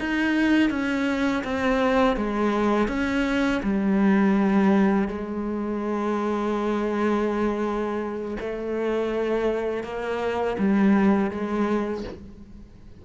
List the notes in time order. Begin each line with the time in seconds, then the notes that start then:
0.00 D#4
0.71 C#4
1.44 C4
2.17 G#3
2.88 C#4
3.63 G3
5.08 G#3
8.40 A3
9.84 A#3
10.59 G3
11.31 G#3